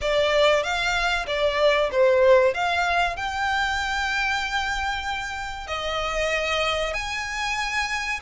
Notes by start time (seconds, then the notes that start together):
0.01 D5
0.63 F5
1.26 D5
1.91 C5
2.54 F5
3.16 G5
5.67 D#5
6.93 G#5